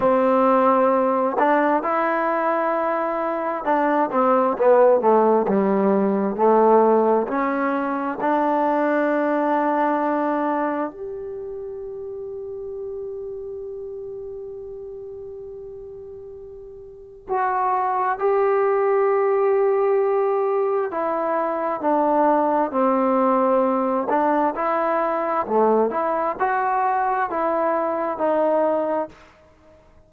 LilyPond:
\new Staff \with { instrumentName = "trombone" } { \time 4/4 \tempo 4 = 66 c'4. d'8 e'2 | d'8 c'8 b8 a8 g4 a4 | cis'4 d'2. | g'1~ |
g'2. fis'4 | g'2. e'4 | d'4 c'4. d'8 e'4 | a8 e'8 fis'4 e'4 dis'4 | }